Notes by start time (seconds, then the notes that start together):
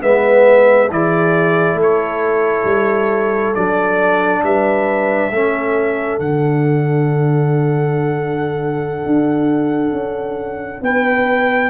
0.00 G#3 B3 B4 E5
0.90 E3 E4 G#4 D5
1.74 A3 A4
1.82 C#5
2.64 G3
3.54 F#3 D4 D5
4.43 G3 B4 E5
5.31 A3 C#4 A4
6.19 D3 D4 F#5
9.06 D4
9.91 C#4
10.81 B3 B4 G5